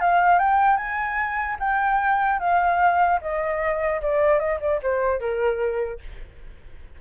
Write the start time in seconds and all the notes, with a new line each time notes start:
0.00 F5
0.38 G5
0.76 G#5
1.59 G5
2.39 F5
3.21 D#5
4.01 D5
4.39 D#5
4.60 D5
4.82 C5
5.20 A#4